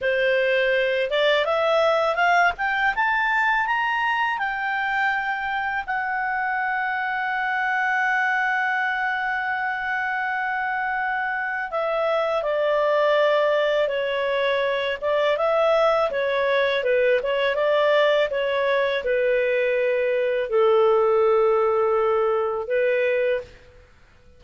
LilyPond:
\new Staff \with { instrumentName = "clarinet" } { \time 4/4 \tempo 4 = 82 c''4. d''8 e''4 f''8 g''8 | a''4 ais''4 g''2 | fis''1~ | fis''1 |
e''4 d''2 cis''4~ | cis''8 d''8 e''4 cis''4 b'8 cis''8 | d''4 cis''4 b'2 | a'2. b'4 | }